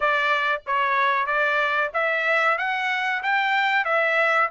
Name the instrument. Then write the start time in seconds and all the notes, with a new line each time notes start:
trumpet
0.00 D5
0.66 C#5
1.26 D5
1.93 E5
2.58 F#5
3.23 G5
3.84 E5